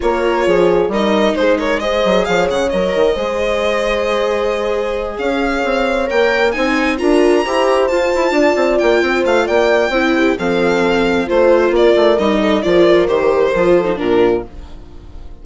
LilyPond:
<<
  \new Staff \with { instrumentName = "violin" } { \time 4/4 \tempo 4 = 133 cis''2 dis''4 c''8 cis''8 | dis''4 f''8 fis''8 dis''2~ | dis''2.~ dis''8 f''8~ | f''4. g''4 gis''4 ais''8~ |
ais''4. a''2 g''8~ | g''8 f''8 g''2 f''4~ | f''4 c''4 d''4 dis''4 | d''4 c''2 ais'4 | }
  \new Staff \with { instrumentName = "horn" } { \time 4/4 ais'4 gis'4 ais'4 gis'8 ais'8 | c''4 cis''2 c''4~ | c''2.~ c''8 cis''8~ | cis''2~ cis''8 c''4 ais'8~ |
ais'8 c''2 d''4. | c''4 d''4 c''8 g'8 a'4~ | a'4 c''4 ais'4. a'8 | ais'2~ ais'8 a'8 f'4 | }
  \new Staff \with { instrumentName = "viola" } { \time 4/4 f'2 dis'2 | gis'2 ais'4 gis'4~ | gis'1~ | gis'4. ais'4 dis'4 f'8~ |
f'8 g'4 f'2~ f'8~ | f'2 e'4 c'4~ | c'4 f'2 dis'4 | f'4 g'4 f'8. dis'16 d'4 | }
  \new Staff \with { instrumentName = "bassoon" } { \time 4/4 ais4 f4 g4 gis4~ | gis8 fis8 f8 cis8 fis8 dis8 gis4~ | gis2.~ gis8 cis'8~ | cis'8 c'4 ais4 c'4 d'8~ |
d'8 e'4 f'8 e'8 d'8 c'8 ais8 | c'8 a8 ais4 c'4 f4~ | f4 a4 ais8 a8 g4 | f4 dis4 f4 ais,4 | }
>>